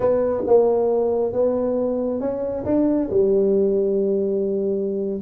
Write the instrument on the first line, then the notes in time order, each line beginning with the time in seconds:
tuba
0.00 B3
0.47 A#3
1.33 B3
2.20 C#4
2.65 D4
3.09 G3